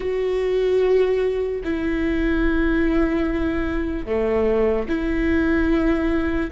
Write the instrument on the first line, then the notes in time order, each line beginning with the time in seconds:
viola
0.00 F#4
1.64 E4
4.05 A3
4.88 E4